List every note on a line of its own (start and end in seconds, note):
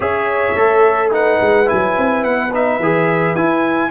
0.00 0.53 C#4
0.00 0.56 G#4
0.00 1.12 C#5
0.00 1.12 E5
0.55 1.39 A3
0.55 1.11 A4
1.11 1.65 D#4
1.11 3.90 B4
1.11 1.68 F#5
1.41 1.69 G#3
1.65 2.49 E4
1.65 2.24 G#5
1.72 1.97 F#3
1.97 2.24 C4
2.24 2.79 B3
2.24 2.52 F#5
2.52 2.80 D#4
2.52 3.35 E5
2.79 3.35 E3
2.79 3.36 G#4
3.35 3.90 E4
3.35 3.90 G#5